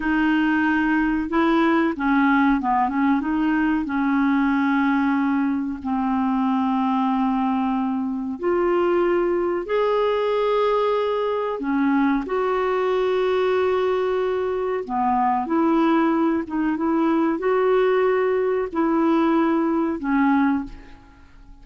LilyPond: \new Staff \with { instrumentName = "clarinet" } { \time 4/4 \tempo 4 = 93 dis'2 e'4 cis'4 | b8 cis'8 dis'4 cis'2~ | cis'4 c'2.~ | c'4 f'2 gis'4~ |
gis'2 cis'4 fis'4~ | fis'2. b4 | e'4. dis'8 e'4 fis'4~ | fis'4 e'2 cis'4 | }